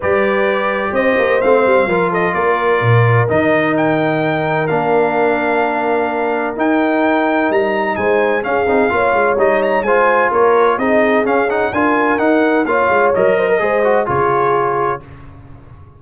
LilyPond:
<<
  \new Staff \with { instrumentName = "trumpet" } { \time 4/4 \tempo 4 = 128 d''2 dis''4 f''4~ | f''8 dis''8 d''2 dis''4 | g''2 f''2~ | f''2 g''2 |
ais''4 gis''4 f''2 | dis''8 ais''8 gis''4 cis''4 dis''4 | f''8 fis''8 gis''4 fis''4 f''4 | dis''2 cis''2 | }
  \new Staff \with { instrumentName = "horn" } { \time 4/4 b'2 c''2 | ais'8 a'8 ais'2.~ | ais'1~ | ais'1~ |
ais'4 c''4 gis'4 cis''4~ | cis''4 c''4 ais'4 gis'4~ | gis'4 ais'2 cis''4~ | cis''8 c''16 ais'16 c''4 gis'2 | }
  \new Staff \with { instrumentName = "trombone" } { \time 4/4 g'2. c'4 | f'2. dis'4~ | dis'2 d'2~ | d'2 dis'2~ |
dis'2 cis'8 dis'8 f'4 | dis'4 f'2 dis'4 | cis'8 dis'8 f'4 dis'4 f'4 | ais'4 gis'8 fis'8 f'2 | }
  \new Staff \with { instrumentName = "tuba" } { \time 4/4 g2 c'8 ais8 a8 g8 | f4 ais4 ais,4 dis4~ | dis2 ais2~ | ais2 dis'2 |
g4 gis4 cis'8 c'8 ais8 gis8 | g4 gis4 ais4 c'4 | cis'4 d'4 dis'4 ais8 gis8 | fis4 gis4 cis2 | }
>>